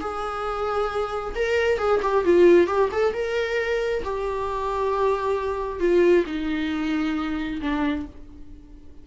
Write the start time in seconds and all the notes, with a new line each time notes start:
0.00 G#4
1.35 A#4
1.78 G#4
2.02 G4
2.24 F4
2.67 G4
2.92 A4
3.13 A#4
4.03 G4
5.79 F4
6.26 D#4
7.61 D4